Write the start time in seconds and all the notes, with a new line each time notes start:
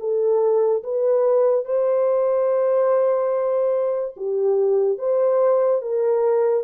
0.00 A4
0.84 B4
1.65 C5
4.17 G4
4.98 C5
5.82 A#4